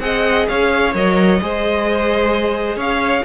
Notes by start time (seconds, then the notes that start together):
0.00 C4 G#4 D#5 F#5
0.48 C#4 C#5 F5
0.94 F#3 A#4 D#5
1.42 G#3 G#4 C5
2.76 C#4 C#5 F5